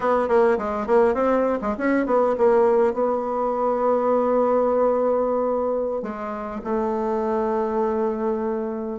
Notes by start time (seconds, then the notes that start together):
0.00 B3
0.28 A#3
0.58 G#3
0.86 A#3
1.14 C4
1.61 G#3
1.77 C#4
2.06 B3
2.37 A#3
2.93 B3
6.02 G#3
6.64 A3